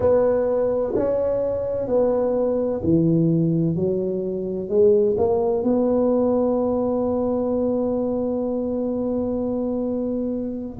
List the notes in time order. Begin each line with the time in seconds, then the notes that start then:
0.00 B3
0.95 C#4
1.87 B3
2.83 E3
3.75 F#3
4.69 G#3
5.17 A#3
5.63 B3